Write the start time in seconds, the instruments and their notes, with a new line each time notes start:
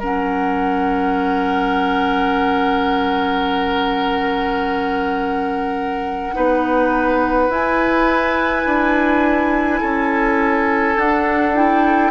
0.00 bassoon F#3, clarinet C#4, oboe A#4, flute F#5
6.34 bassoon B3, clarinet D#4, oboe B4
7.49 bassoon E4, clarinet E4, flute G#5
8.66 bassoon D4
9.81 bassoon C#4, oboe A4
10.97 bassoon D4, clarinet D4, flute F#5
11.56 clarinet E4, flute G5